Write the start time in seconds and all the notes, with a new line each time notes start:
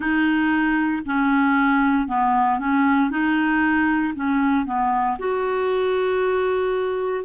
0.00 D#4
1.05 C#4
2.07 B3
2.59 C#4
3.10 D#4
4.15 C#4
4.66 B3
5.18 F#4